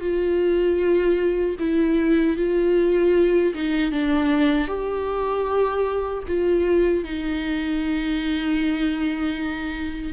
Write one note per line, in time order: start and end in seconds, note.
0.00 1.56 F4
1.59 2.36 E4
2.36 3.53 F4
3.54 3.91 D#4
3.91 4.67 D4
4.67 6.23 G4
6.27 7.04 F4
7.04 10.12 D#4